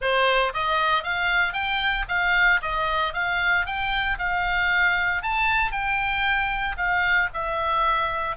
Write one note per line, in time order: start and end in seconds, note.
0.01 0.53 C5
0.53 1.03 D#5
1.03 1.53 F5
1.53 2.05 G5
2.08 2.60 F5
2.62 3.13 D#5
3.13 3.65 F5
3.65 4.18 G5
4.18 5.22 F5
5.22 5.71 A5
5.71 6.76 G5
6.77 7.29 F5
7.33 8.36 E5